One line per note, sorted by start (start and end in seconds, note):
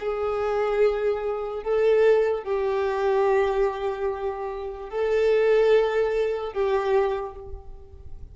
0.00 1.63 G#4
1.63 2.44 A4
2.44 4.90 G4
4.90 6.53 A4
6.53 7.35 G4